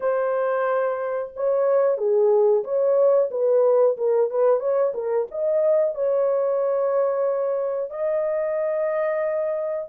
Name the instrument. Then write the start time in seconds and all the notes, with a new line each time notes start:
horn
0.00 C5
1.35 C#5
1.98 G#4
2.63 C#5
3.30 B4
3.97 A#4
4.30 B4
4.60 C#5
4.94 A#4
5.31 D#5
5.95 C#5
7.90 D#5